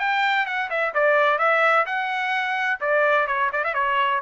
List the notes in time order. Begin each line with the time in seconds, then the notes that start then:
0.00 G5
0.46 F#5
0.71 E5
0.94 D5
1.39 E5
1.86 F#5
2.81 D5
3.27 C#5
3.53 D5
3.64 E5
3.75 C#5